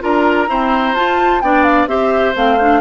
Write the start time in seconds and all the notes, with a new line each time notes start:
0.00 D4 F4 A#4 A#5
0.48 C4 E4 C5
0.93 F4 A5
1.41 B3 D4 D5 G5
1.63 F5
1.86 C4 G4 C5 E5
2.35 A3 C4 F5
2.60 D4